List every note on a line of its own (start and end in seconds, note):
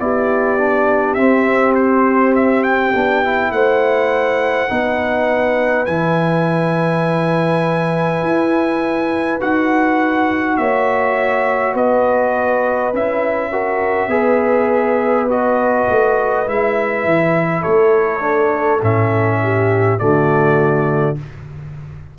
0.00 1.17 B3
0.00 0.59 E4
0.00 3.54 G4
0.00 1.15 D5
0.59 1.17 D4
1.15 2.93 C4
1.15 2.94 C4
1.15 1.74 E5
1.75 2.34 C5
2.36 2.64 E5
2.64 3.52 G5
2.94 3.51 B3
2.94 3.25 D4
3.25 4.69 E4
3.51 4.69 A3
3.51 4.71 C5
3.51 5.86 F#5
4.69 5.88 B3
4.69 5.87 D#4
4.69 10.59 B4
5.86 8.23 E3
5.86 9.40 E4
5.86 9.39 G#5
8.23 9.40 E4
9.40 10.58 D#4
9.40 12.93 F#4
9.40 10.57 F#5
10.57 11.75 A#3
10.57 11.75 C#5
10.57 11.75 E5
11.75 12.93 B3
11.75 13.51 B4
11.75 12.95 D#5
12.93 14.08 C#4
12.93 13.52 E4
12.93 15.31 E5
13.52 14.10 F#4
13.52 14.10 A#4
14.08 15.85 B3
14.08 15.28 G#4
14.08 17.62 B4
15.29 16.47 F#4
15.29 16.49 D#5
15.90 16.48 A3
16.47 17.05 G#3
16.47 18.20 E4
16.47 17.63 E5
17.05 17.64 E3
17.62 18.82 A3
17.62 19.38 A4
17.62 18.81 C#5
18.20 18.79 D4
18.82 20.00 A2
18.82 19.99 C#4
18.82 19.99 E5
19.43 20.00 G4
19.99 21.19 D3
19.99 21.16 A3
19.99 21.18 F#4
19.99 21.17 D5